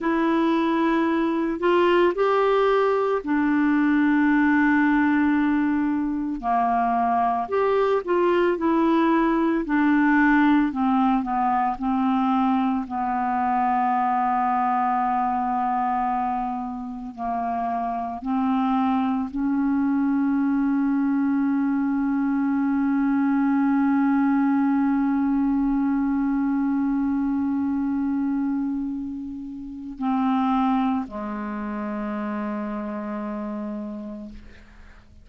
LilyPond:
\new Staff \with { instrumentName = "clarinet" } { \time 4/4 \tempo 4 = 56 e'4. f'8 g'4 d'4~ | d'2 ais4 g'8 f'8 | e'4 d'4 c'8 b8 c'4 | b1 |
ais4 c'4 cis'2~ | cis'1~ | cis'1 | c'4 gis2. | }